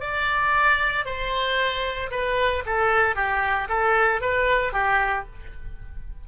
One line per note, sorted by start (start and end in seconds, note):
0.00 1.05 D5
1.05 2.10 C5
2.11 2.63 B4
2.66 3.15 A4
3.15 3.68 G4
3.68 4.21 A4
4.21 4.72 B4
4.72 5.25 G4